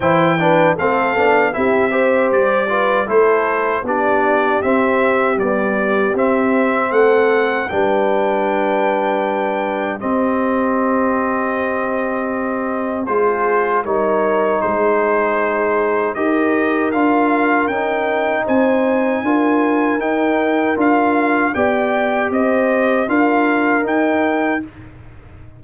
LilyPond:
<<
  \new Staff \with { instrumentName = "trumpet" } { \time 4/4 \tempo 4 = 78 g''4 f''4 e''4 d''4 | c''4 d''4 e''4 d''4 | e''4 fis''4 g''2~ | g''4 dis''2.~ |
dis''4 c''4 cis''4 c''4~ | c''4 dis''4 f''4 g''4 | gis''2 g''4 f''4 | g''4 dis''4 f''4 g''4 | }
  \new Staff \with { instrumentName = "horn" } { \time 4/4 c''8 b'8 a'4 g'8 c''4 b'8 | a'4 g'2.~ | g'4 a'4 b'2~ | b'4 g'2.~ |
g'4 gis'4 ais'4 gis'4~ | gis'4 ais'2. | c''4 ais'2. | d''4 c''4 ais'2 | }
  \new Staff \with { instrumentName = "trombone" } { \time 4/4 e'8 d'8 c'8 d'8 e'8 g'4 f'8 | e'4 d'4 c'4 g4 | c'2 d'2~ | d'4 c'2.~ |
c'4 f'4 dis'2~ | dis'4 g'4 f'4 dis'4~ | dis'4 f'4 dis'4 f'4 | g'2 f'4 dis'4 | }
  \new Staff \with { instrumentName = "tuba" } { \time 4/4 e4 a8 b8 c'4 g4 | a4 b4 c'4 b4 | c'4 a4 g2~ | g4 c'2.~ |
c'4 gis4 g4 gis4~ | gis4 dis'4 d'4 cis'4 | c'4 d'4 dis'4 d'4 | b4 c'4 d'4 dis'4 | }
>>